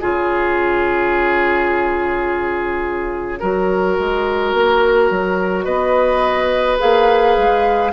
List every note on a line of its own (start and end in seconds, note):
0.00 3.41 C#3
0.00 3.39 F4
0.00 3.39 G#4
0.00 5.63 C#5
3.39 3.98 F#3
3.39 6.79 F#4
3.39 5.64 A#4
3.98 4.53 G#3
4.53 5.10 A#3
5.10 5.65 F#3
5.63 6.78 B3
5.63 7.91 B4
5.63 6.76 D#5
6.79 7.37 A#3
6.79 7.92 G#4
6.79 7.92 F5
7.37 7.92 G#3